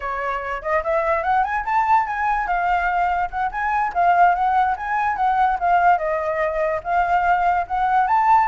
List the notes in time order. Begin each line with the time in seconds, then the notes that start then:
0.00 C#5
0.62 D#5
0.83 E5
1.23 F#5
1.44 G#5
1.65 A5
2.06 G#5
2.47 F5
3.30 F#5
3.51 G#5
3.93 F5
4.34 F#5
4.76 G#5
5.16 F#5
5.59 F5
5.98 D#5
6.83 F5
7.67 F#5
8.07 A5